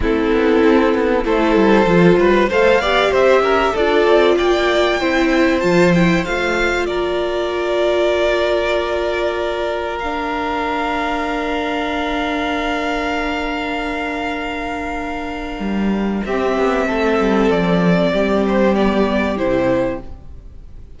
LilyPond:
<<
  \new Staff \with { instrumentName = "violin" } { \time 4/4 \tempo 4 = 96 a'2 c''2 | f''4 e''4 d''4 g''4~ | g''4 a''8 g''8 f''4 d''4~ | d''1 |
f''1~ | f''1~ | f''2 e''2 | d''4. c''8 d''4 c''4 | }
  \new Staff \with { instrumentName = "violin" } { \time 4/4 e'2 a'4. b'8 | c''8 d''8 c''8 ais'8 a'4 d''4 | c''2. ais'4~ | ais'1~ |
ais'1~ | ais'1~ | ais'2 g'4 a'4~ | a'4 g'2. | }
  \new Staff \with { instrumentName = "viola" } { \time 4/4 c'2 e'4 f'4 | a'8 g'4. f'2 | e'4 f'8 e'8 f'2~ | f'1 |
d'1~ | d'1~ | d'2 c'2~ | c'2 b4 e'4 | }
  \new Staff \with { instrumentName = "cello" } { \time 4/4 a8 b8 c'8 b8 a8 g8 f8 g8 | a8 b8 c'8 cis'8 d'8 c'8 ais4 | c'4 f4 a4 ais4~ | ais1~ |
ais1~ | ais1~ | ais4 g4 c'8 b8 a8 g8 | f4 g2 c4 | }
>>